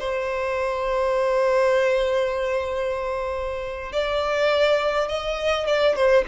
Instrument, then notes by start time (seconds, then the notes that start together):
violin
0.00 C5
3.93 D5
5.09 D#5
5.67 D5
5.96 C5